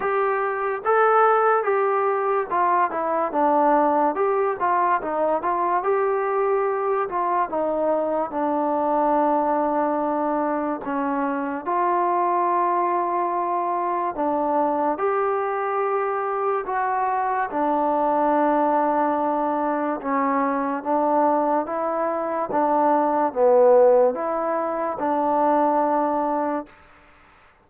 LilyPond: \new Staff \with { instrumentName = "trombone" } { \time 4/4 \tempo 4 = 72 g'4 a'4 g'4 f'8 e'8 | d'4 g'8 f'8 dis'8 f'8 g'4~ | g'8 f'8 dis'4 d'2~ | d'4 cis'4 f'2~ |
f'4 d'4 g'2 | fis'4 d'2. | cis'4 d'4 e'4 d'4 | b4 e'4 d'2 | }